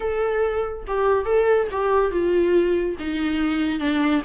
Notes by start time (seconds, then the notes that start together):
0.00 A4
0.87 G4
1.25 A4
1.71 G4
2.11 F4
2.99 D#4
3.79 D4